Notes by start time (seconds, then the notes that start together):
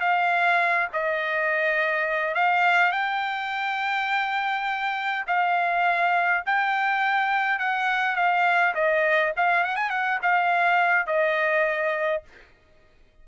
0.00 F5
0.93 D#5
2.34 F5
2.92 G5
5.27 F5
6.46 G5
7.59 F#5
8.16 F5
8.74 D#5
9.36 F5
9.63 F#5
9.75 G#5
9.89 F#5
10.22 F5
11.06 D#5